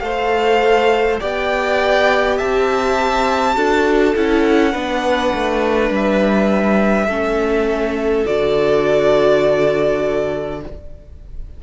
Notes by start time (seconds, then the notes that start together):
0.00 A3 A4 C5 F5
1.20 B3 G4 D5 G5
2.38 C4 E5 A5
3.55 D4 F#4 A4
4.16 C#4 E4 F#5
4.72 B3 D4 B4
5.34 A3
5.90 G3 E5
7.07 A3 C#4 A4
8.25 D3 F#4 D5